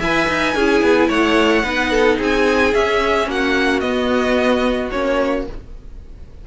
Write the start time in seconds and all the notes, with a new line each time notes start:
0.00 E4 B4 E5 G#5
0.29 D#4
0.55 C#4 E4 G#4
0.82 B3
1.09 A3 C#5 F#5
1.63 B3 D#4 B4
1.91 A4
2.18 C4 G#4 G#5
2.74 C#4 E5
3.27 A#3 F#4 F#5
3.80 B3 D#5
4.91 A#3 C#4 C#5